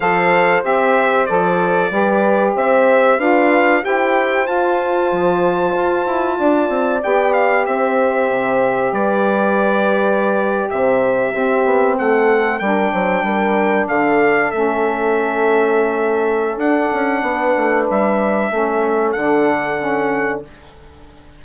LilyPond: <<
  \new Staff \with { instrumentName = "trumpet" } { \time 4/4 \tempo 4 = 94 f''4 e''4 d''2 | e''4 f''4 g''4 a''4~ | a''2. g''8 f''8 | e''2 d''2~ |
d''8. e''2 fis''4 g''16~ | g''4.~ g''16 f''4 e''4~ e''16~ | e''2 fis''2 | e''2 fis''2 | }
  \new Staff \with { instrumentName = "horn" } { \time 4/4 c''2. b'4 | c''4 b'4 c''2~ | c''2 d''2 | c''2 b'2~ |
b'8. c''4 g'4 a'4 ais'16~ | ais'16 c''8 ais'4 a'2~ a'16~ | a'2. b'4~ | b'4 a'2. | }
  \new Staff \with { instrumentName = "saxophone" } { \time 4/4 a'4 g'4 a'4 g'4~ | g'4 f'4 g'4 f'4~ | f'2. g'4~ | g'1~ |
g'4.~ g'16 c'2 d'16~ | d'2~ d'8. cis'4~ cis'16~ | cis'2 d'2~ | d'4 cis'4 d'4 cis'4 | }
  \new Staff \with { instrumentName = "bassoon" } { \time 4/4 f4 c'4 f4 g4 | c'4 d'4 e'4 f'4 | f4 f'8 e'8 d'8 c'8 b4 | c'4 c4 g2~ |
g8. c4 c'8 b8 a4 g16~ | g16 fis8 g4 d4 a4~ a16~ | a2 d'8 cis'8 b8 a8 | g4 a4 d2 | }
>>